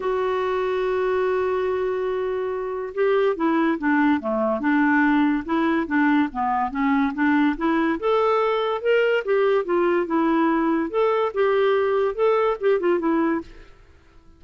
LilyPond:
\new Staff \with { instrumentName = "clarinet" } { \time 4/4 \tempo 4 = 143 fis'1~ | fis'2. g'4 | e'4 d'4 a4 d'4~ | d'4 e'4 d'4 b4 |
cis'4 d'4 e'4 a'4~ | a'4 ais'4 g'4 f'4 | e'2 a'4 g'4~ | g'4 a'4 g'8 f'8 e'4 | }